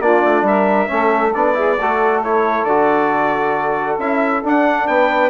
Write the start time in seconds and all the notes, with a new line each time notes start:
0.00 A#3 D4 F4 D5
0.24 A3
0.42 G3 A#4 E5
0.87 A3 C#4 A4
1.33 B3 D4 D5
1.54 E4 G#4
1.78 A3 F#4 A4
2.23 E4 C#5
2.64 D3 F#4 D5
3.98 C#4 E4 E5
4.43 D4 F#5
4.87 B3 B4 G5